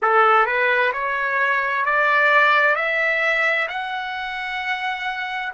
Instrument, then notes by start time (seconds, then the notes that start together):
trumpet
0.02 A4
0.46 B4
0.92 C#5
1.85 D5
2.75 E5
3.68 F#5